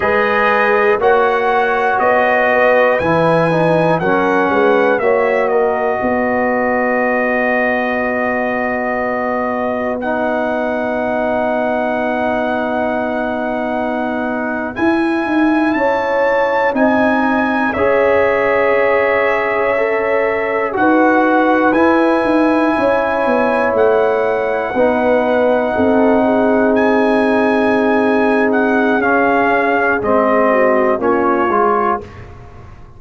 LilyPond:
<<
  \new Staff \with { instrumentName = "trumpet" } { \time 4/4 \tempo 4 = 60 dis''4 fis''4 dis''4 gis''4 | fis''4 e''8 dis''2~ dis''8~ | dis''2 fis''2~ | fis''2~ fis''8. gis''4 a''16~ |
a''8. gis''4 e''2~ e''16~ | e''8. fis''4 gis''2 fis''16~ | fis''2~ fis''8. gis''4~ gis''16~ | gis''8 fis''8 f''4 dis''4 cis''4 | }
  \new Staff \with { instrumentName = "horn" } { \time 4/4 b'4 cis''4. b'4. | ais'8 b'8 cis''8 ais'8 b'2~ | b'1~ | b'2.~ b'8. cis''16~ |
cis''8. dis''4 cis''2~ cis''16~ | cis''8. b'2 cis''4~ cis''16~ | cis''8. b'4 a'8 gis'4.~ gis'16~ | gis'2~ gis'8 fis'8 f'4 | }
  \new Staff \with { instrumentName = "trombone" } { \time 4/4 gis'4 fis'2 e'8 dis'8 | cis'4 fis'2.~ | fis'2 dis'2~ | dis'2~ dis'8. e'4~ e'16~ |
e'8. dis'4 gis'2 a'16~ | a'8. fis'4 e'2~ e'16~ | e'8. dis'2.~ dis'16~ | dis'4 cis'4 c'4 cis'8 f'8 | }
  \new Staff \with { instrumentName = "tuba" } { \time 4/4 gis4 ais4 b4 e4 | fis8 gis8 ais4 b2~ | b1~ | b2~ b8. e'8 dis'8 cis'16~ |
cis'8. c'4 cis'2~ cis'16~ | cis'8. dis'4 e'8 dis'8 cis'8 b8 a16~ | a8. b4 c'2~ c'16~ | c'4 cis'4 gis4 ais8 gis8 | }
>>